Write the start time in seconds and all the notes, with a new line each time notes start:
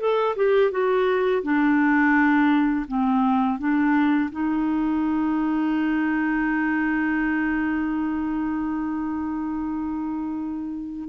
0.00 A4
0.36 G4
0.71 F#4
1.43 D4
2.88 C4
3.59 D4
4.31 D#4